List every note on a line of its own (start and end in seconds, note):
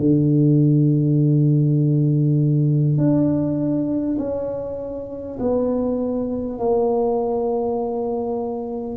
0.00 2.98 D3
2.98 4.18 D4
4.19 5.39 C#4
5.40 6.59 B3
6.59 8.98 A#3